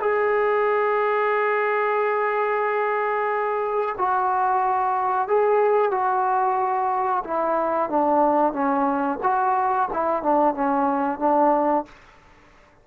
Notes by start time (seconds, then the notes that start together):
0.00 G#4
3.98 F#4
5.28 G#4
5.91 F#4
7.24 E4
7.89 D4
8.53 C#4
9.22 F#4
9.93 E4
10.23 D4
10.54 C#4
11.19 D4